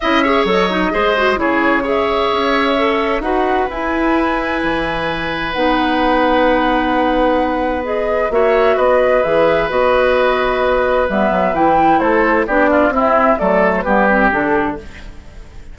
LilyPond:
<<
  \new Staff \with { instrumentName = "flute" } { \time 4/4 \tempo 4 = 130 e''4 dis''2 cis''4 | e''2. fis''4 | gis''1 | fis''1~ |
fis''4 dis''4 e''4 dis''4 | e''4 dis''2. | e''4 g''4 c''4 d''4 | e''4 d''8. c''16 b'4 a'4 | }
  \new Staff \with { instrumentName = "oboe" } { \time 4/4 dis''8 cis''4. c''4 gis'4 | cis''2. b'4~ | b'1~ | b'1~ |
b'2 cis''4 b'4~ | b'1~ | b'2 a'4 g'8 f'8 | e'4 a'4 g'2 | }
  \new Staff \with { instrumentName = "clarinet" } { \time 4/4 e'8 gis'8 a'8 dis'8 gis'8 fis'8 e'4 | gis'2 a'4 fis'4 | e'1 | dis'1~ |
dis'4 gis'4 fis'2 | gis'4 fis'2. | b4 e'2 d'4 | c'4 a4 b8 c'8 d'4 | }
  \new Staff \with { instrumentName = "bassoon" } { \time 4/4 cis'4 fis4 gis4 cis4~ | cis4 cis'2 dis'4 | e'2 e2 | b1~ |
b2 ais4 b4 | e4 b2. | g8 fis8 e4 a4 b4 | c'4 fis4 g4 d4 | }
>>